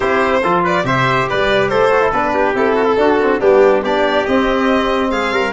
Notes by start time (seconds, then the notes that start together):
0.00 C4 E4 G4 C5
0.43 F3 F4 A4
0.63 B4 D5
0.84 C3 G4 C5 E5
1.29 G3 B4 D5
1.68 A3 A4 C5
1.90 F#4
2.01 E4
2.12 B3 D4 B4
2.34 G4
2.54 C4 E4 A4
2.75 F#4
2.84 E4
2.96 D4 F#4
3.21 C4
3.39 G3 B3 D4 G4
3.83 B3 D4 G4 D5
4.26 C4 D#5
5.10 G#3 G#4 F5
5.31 G3 A#4